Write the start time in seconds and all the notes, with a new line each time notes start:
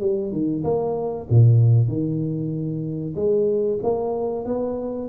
0.00 G3
0.32 D#3
0.64 A#3
1.29 A#2
1.88 D#3
3.16 G#3
3.83 A#3
4.45 B3